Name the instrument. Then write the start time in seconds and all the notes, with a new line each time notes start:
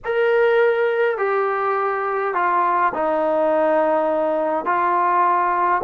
trombone
0.04 A#4
1.17 G4
2.34 F4
2.93 D#4
4.65 F4